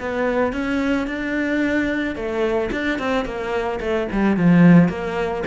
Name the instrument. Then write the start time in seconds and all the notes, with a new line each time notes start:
cello
0.00 B3
0.53 C#4
1.07 D4
2.15 A3
2.71 D4
2.99 C4
3.25 A#3
3.80 A3
4.12 G3
4.36 F3
4.89 A#3